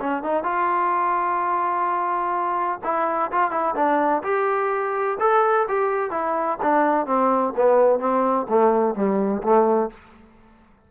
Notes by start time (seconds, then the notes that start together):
0.00 C#4
0.23 D#4
0.44 F4
2.84 E4
3.32 F4
3.51 E4
3.76 D4
4.23 G4
5.20 A4
5.68 G4
6.11 E4
6.62 D4
7.06 C4
7.56 B3
7.99 C4
8.49 A3
8.95 G3
9.43 A3